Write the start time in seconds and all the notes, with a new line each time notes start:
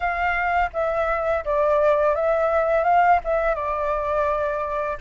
0.00 F5
0.73 E5
1.44 D5
2.15 E5
2.83 F5
3.24 E5
3.54 D5